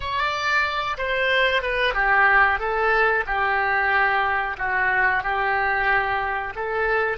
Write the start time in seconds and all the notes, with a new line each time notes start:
0.00 D5
0.97 C5
1.62 B4
1.94 G4
2.59 A4
3.26 G4
4.58 F#4
5.23 G4
6.55 A4